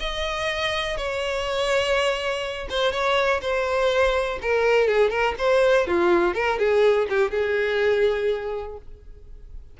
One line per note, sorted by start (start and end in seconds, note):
0.00 0.97 D#5
0.97 2.68 C#5
2.70 2.92 C5
2.92 3.41 C#5
3.41 4.39 C5
4.42 4.87 A#4
4.87 5.10 G#4
5.10 5.35 A#4
5.38 5.87 C5
5.87 6.34 F4
6.34 6.59 A#4
6.59 7.08 G#4
7.10 7.31 G4
7.31 8.77 G#4